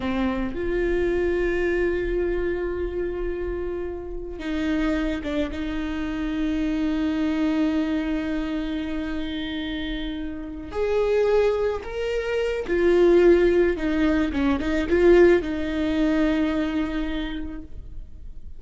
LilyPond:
\new Staff \with { instrumentName = "viola" } { \time 4/4 \tempo 4 = 109 c'4 f'2.~ | f'1 | dis'4. d'8 dis'2~ | dis'1~ |
dis'2.~ dis'8 gis'8~ | gis'4. ais'4. f'4~ | f'4 dis'4 cis'8 dis'8 f'4 | dis'1 | }